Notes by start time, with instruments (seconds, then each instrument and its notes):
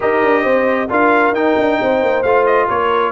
0.00 tuba D#4, trombone G4, horn A#4, trumpet D#5
0.22 tuba D4
0.43 tuba C4, horn C5
0.89 tuba D4, trombone F4, horn A#4, trumpet F5
1.31 tuba D#4, trombone D#4, trumpet G5
1.57 tuba D4
1.81 tuba C4, horn C5
2.02 tuba A#3
2.22 tuba A3, trombone F4, trumpet F5
2.46 trumpet D#5
2.67 tuba A#3, horn A#4, trumpet C#5